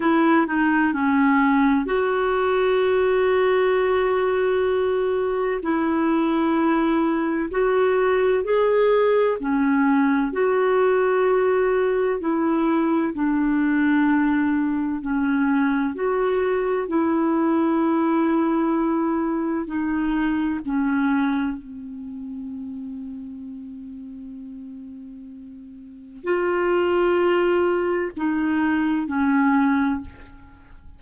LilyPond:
\new Staff \with { instrumentName = "clarinet" } { \time 4/4 \tempo 4 = 64 e'8 dis'8 cis'4 fis'2~ | fis'2 e'2 | fis'4 gis'4 cis'4 fis'4~ | fis'4 e'4 d'2 |
cis'4 fis'4 e'2~ | e'4 dis'4 cis'4 c'4~ | c'1 | f'2 dis'4 cis'4 | }